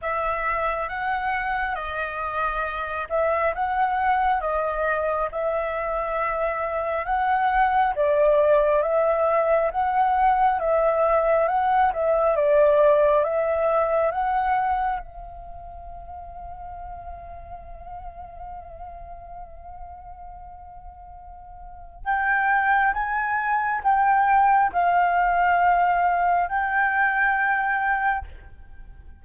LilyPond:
\new Staff \with { instrumentName = "flute" } { \time 4/4 \tempo 4 = 68 e''4 fis''4 dis''4. e''8 | fis''4 dis''4 e''2 | fis''4 d''4 e''4 fis''4 | e''4 fis''8 e''8 d''4 e''4 |
fis''4 f''2.~ | f''1~ | f''4 g''4 gis''4 g''4 | f''2 g''2 | }